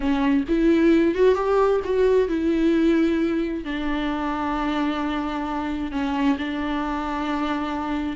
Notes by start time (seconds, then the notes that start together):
0.00 C#4
0.48 E4
1.15 F#4
1.34 G4
1.84 F#4
2.28 E4
3.64 D4
5.91 C#4
6.37 D4